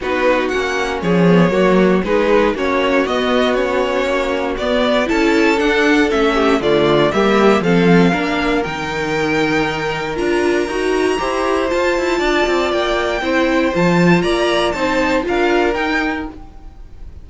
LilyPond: <<
  \new Staff \with { instrumentName = "violin" } { \time 4/4 \tempo 4 = 118 b'4 fis''4 cis''2 | b'4 cis''4 dis''4 cis''4~ | cis''4 d''4 a''4 fis''4 | e''4 d''4 e''4 f''4~ |
f''4 g''2. | ais''2. a''4~ | a''4 g''2 a''4 | ais''4 a''4 f''4 g''4 | }
  \new Staff \with { instrumentName = "violin" } { \time 4/4 fis'2 gis'4 fis'4 | gis'4 fis'2.~ | fis'2 a'2~ | a'8 g'8 f'4 g'4 a'4 |
ais'1~ | ais'2 c''2 | d''2 c''2 | d''4 c''4 ais'2 | }
  \new Staff \with { instrumentName = "viola" } { \time 4/4 dis'4 cis'4. b8 ais4 | dis'4 cis'4 b4 cis'4~ | cis'4 b4 e'4 d'4 | cis'4 a4 ais4 c'4 |
d'4 dis'2. | f'4 fis'4 g'4 f'4~ | f'2 e'4 f'4~ | f'4 dis'4 f'4 dis'4 | }
  \new Staff \with { instrumentName = "cello" } { \time 4/4 b4 ais4 f4 fis4 | gis4 ais4 b2 | ais4 b4 cis'4 d'4 | a4 d4 g4 f4 |
ais4 dis2. | d'4 dis'4 e'4 f'8 e'8 | d'8 c'8 ais4 c'4 f4 | ais4 c'4 d'4 dis'4 | }
>>